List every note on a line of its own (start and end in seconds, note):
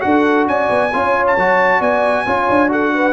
0.00 0.47 D4
0.00 0.89 F#4
0.00 0.48 A4
0.00 0.45 F#5
0.47 0.69 C#4
0.47 0.93 D5
0.47 1.25 G#5
0.69 0.91 B3
0.92 1.36 C#4
0.92 1.37 F4
0.92 1.79 C#5
1.27 1.81 A5
1.36 1.80 F#3
1.36 2.26 F#4
1.79 2.25 B3
1.79 2.24 D5
1.79 2.70 G#5
2.26 2.48 C#4
2.26 2.68 F4
2.26 2.70 C#5
2.49 3.13 D4
2.68 3.12 F#4
2.68 2.93 A4
2.68 3.13 F#5
2.94 3.13 B4